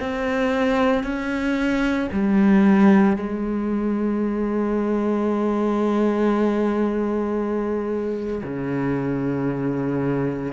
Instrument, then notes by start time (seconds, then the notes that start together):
cello
0.00 C4
1.04 C#4
2.12 G3
3.17 G#3
8.44 C#3